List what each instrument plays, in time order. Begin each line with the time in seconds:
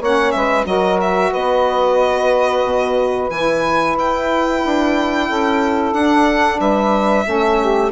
0.00 bassoon A#3, saxophone C#4 C#5, violin F#5
0.32 bassoon G#3, saxophone B4, violin E5
0.65 bassoon F#3, saxophone F#4 A#4, violin D#5
1.01 violin E5
1.31 bassoon B3, saxophone B4, violin D#5
2.64 bassoon B2
3.30 bassoon E3, saxophone E4, violin G#5
3.95 bassoon E4, violin G5
4.65 bassoon D4
5.29 bassoon C#4, saxophone A4
5.93 bassoon D4, saxophone D4, violin F#5
6.59 bassoon G3, saxophone B4, violin E5
7.24 bassoon A3, saxophone C#4 A4
7.61 saxophone G4